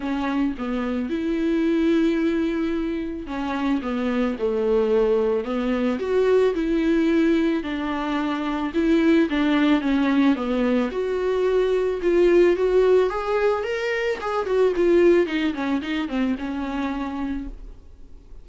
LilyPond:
\new Staff \with { instrumentName = "viola" } { \time 4/4 \tempo 4 = 110 cis'4 b4 e'2~ | e'2 cis'4 b4 | a2 b4 fis'4 | e'2 d'2 |
e'4 d'4 cis'4 b4 | fis'2 f'4 fis'4 | gis'4 ais'4 gis'8 fis'8 f'4 | dis'8 cis'8 dis'8 c'8 cis'2 | }